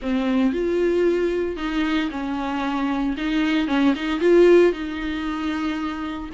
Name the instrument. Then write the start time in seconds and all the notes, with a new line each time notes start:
viola
0.01 C4
0.53 F4
1.56 D#4
2.11 C#4
3.17 D#4
3.67 C#4
3.95 D#4
4.20 F4
4.72 D#4